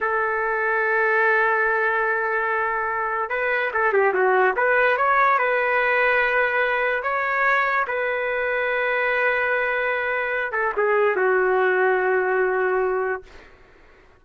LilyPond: \new Staff \with { instrumentName = "trumpet" } { \time 4/4 \tempo 4 = 145 a'1~ | a'1 | b'4 a'8 g'8 fis'4 b'4 | cis''4 b'2.~ |
b'4 cis''2 b'4~ | b'1~ | b'4. a'8 gis'4 fis'4~ | fis'1 | }